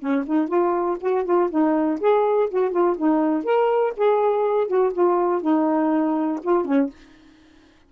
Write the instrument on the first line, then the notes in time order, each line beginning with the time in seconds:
saxophone
0.00 C#4
0.27 D#4
0.48 F4
1.01 F#4
1.25 F4
1.51 D#4
2.01 G#4
2.51 F#4
2.72 F4
2.98 D#4
3.44 A#4
3.97 G#4
4.68 F#4
4.94 F4
5.42 D#4
6.43 F4
6.65 C#4